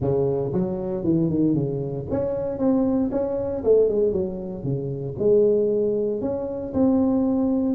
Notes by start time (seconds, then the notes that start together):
0.00 C#3
0.52 F#3
1.04 E3
1.29 D#3
1.54 C#3
2.10 C#4
2.58 C4
3.11 C#4
3.63 A3
3.88 G#3
4.12 F#3
4.63 C#3
5.19 G#3
6.21 C#4
6.73 C4